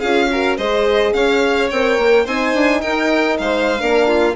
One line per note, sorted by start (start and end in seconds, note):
0.00 0.58 C#4
0.00 0.31 F4
0.00 0.28 G#4
0.00 0.56 F5
0.31 0.59 F#4
0.31 0.57 A#4
0.57 1.14 G#3
0.57 1.72 G#4
0.57 1.14 C5
0.57 1.14 D#5
1.14 1.70 C#4
1.14 2.25 C#5
1.14 1.70 F5
1.71 1.99 C4
1.71 2.26 A#4
1.71 2.27 G5
1.99 2.27 A#3
2.25 2.54 C4
2.25 3.79 D#4
2.25 2.81 C5
2.25 2.81 G#5
2.54 2.82 D4
2.81 3.40 D#4
2.81 3.38 A#4
2.81 3.37 G5
3.38 3.81 G#3
3.38 3.81 C5
3.38 4.36 F5
3.79 4.36 A#3
3.79 4.35 D4
3.79 4.08 A#4
4.08 4.36 F4